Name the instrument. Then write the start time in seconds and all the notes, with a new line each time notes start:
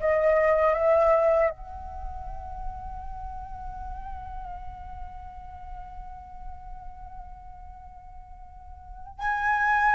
flute
0.00 D#5
0.74 E5
1.51 F#5
9.19 G#5